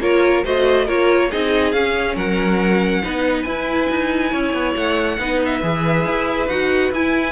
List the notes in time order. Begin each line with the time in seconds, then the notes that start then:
0.00 A#3 F4 A#4 C#5
0.44 A3 F#4 C5 D#5
0.85 A#3 F4 A#4 C#5
1.30 C4 D#4 G#4 D#5
1.72 C#4 F5
2.15 F#3 A#4 F#5
3.03 B3 D#4 B4
3.43 E4 G#5
3.90 D#4
4.32 C#4 C#5
4.53 B3
4.75 A3 F#5
5.18 B3 D#4 B4
5.45 E5
5.62 E3 G#4
6.06 E4
6.48 D#4 F#4 F#5
6.92 E4 G#5